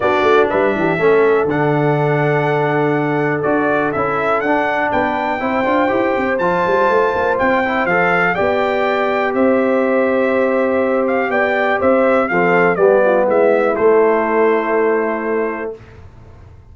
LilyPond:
<<
  \new Staff \with { instrumentName = "trumpet" } { \time 4/4 \tempo 4 = 122 d''4 e''2 fis''4~ | fis''2. d''4 | e''4 fis''4 g''2~ | g''4 a''2 g''4 |
f''4 g''2 e''4~ | e''2~ e''8 f''8 g''4 | e''4 f''4 d''4 e''4 | c''1 | }
  \new Staff \with { instrumentName = "horn" } { \time 4/4 fis'4 b'8 g'8 a'2~ | a'1~ | a'2 b'4 c''4~ | c''1~ |
c''4 d''2 c''4~ | c''2. d''4 | c''4 a'4 g'8 f'8 e'4~ | e'1 | }
  \new Staff \with { instrumentName = "trombone" } { \time 4/4 d'2 cis'4 d'4~ | d'2. fis'4 | e'4 d'2 e'8 f'8 | g'4 f'2~ f'8 e'8 |
a'4 g'2.~ | g'1~ | g'4 c'4 b2 | a1 | }
  \new Staff \with { instrumentName = "tuba" } { \time 4/4 b8 a8 g8 e8 a4 d4~ | d2. d'4 | cis'4 d'4 b4 c'8 d'8 | e'8 c'8 f8 g8 a8 ais8 c'4 |
f4 b2 c'4~ | c'2. b4 | c'4 f4 g4 gis4 | a1 | }
>>